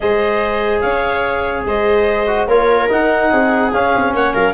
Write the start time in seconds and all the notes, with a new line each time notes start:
0.00 G#3 G#4 C5 D#5
0.81 C#4 C#5 F5
1.64 G#3 C5 D#5
2.27 F#4
2.47 A#3 F4 A#4 C#5
2.88 D#4 F#5
3.30 C4 G#4
3.72 C#4 F5
3.95 C4
4.13 A#3 C#5 F#5
4.33 F#3 A#4 F5